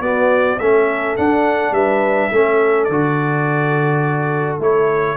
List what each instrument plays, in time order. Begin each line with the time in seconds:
0.00 tuba B3, trombone B3, horn F#4, trumpet D5
0.60 tuba A3, trombone C#4, horn A4, trumpet E5
1.17 trombone D4, tuba D4, trumpet F#5
1.72 tuba G3, horn B4, trumpet E5
2.32 tuba A3, trombone C#4, horn A4
2.85 tuba D3, trumpet D5
2.91 trombone F#4
4.60 tuba A3, trombone E4, trumpet C#5